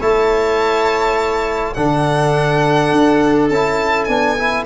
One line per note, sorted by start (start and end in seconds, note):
0.00 1.76 A3
0.00 1.76 E4
0.00 1.75 C#5
0.00 1.74 A5
1.74 2.92 D3
1.74 3.51 D4
1.74 4.66 A4
1.74 3.49 F#5
2.92 3.50 D4
3.49 4.08 C#4
3.49 4.08 E4
3.49 4.05 A5
4.05 4.66 B3
4.05 4.37 D4
4.05 4.63 G#5
4.38 4.66 E4